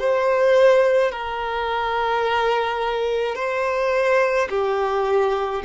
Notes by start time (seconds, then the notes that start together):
0.00 C5
1.12 A#4
3.36 C5
4.50 G4